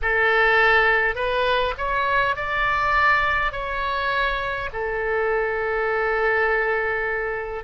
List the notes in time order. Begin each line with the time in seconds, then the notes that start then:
0.02 A4
1.15 B4
1.77 C#5
2.35 D5
3.52 C#5
4.72 A4